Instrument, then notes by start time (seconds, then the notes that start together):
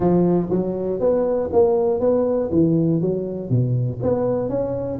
tuba
0.00 F3
0.50 F#3
1.00 B3
1.52 A#3
2.00 B3
2.51 E3
3.01 F#3
3.49 B2
4.02 B3
4.49 C#4